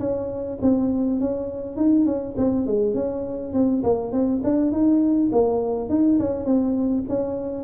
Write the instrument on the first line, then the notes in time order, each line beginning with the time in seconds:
tuba
0.00 C#4
0.62 C4
1.21 C#4
1.77 D#4
2.06 C#4
2.38 C4
2.67 G#3
2.95 C#4
3.54 C4
3.84 A#3
4.13 C4
4.44 D4
4.72 D#4
5.32 A#3
5.90 D#4
6.20 C#4
6.46 C4
7.09 C#4